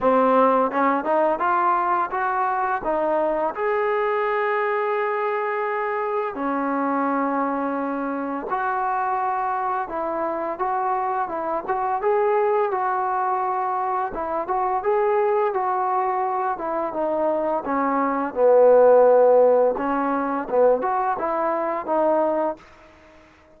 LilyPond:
\new Staff \with { instrumentName = "trombone" } { \time 4/4 \tempo 4 = 85 c'4 cis'8 dis'8 f'4 fis'4 | dis'4 gis'2.~ | gis'4 cis'2. | fis'2 e'4 fis'4 |
e'8 fis'8 gis'4 fis'2 | e'8 fis'8 gis'4 fis'4. e'8 | dis'4 cis'4 b2 | cis'4 b8 fis'8 e'4 dis'4 | }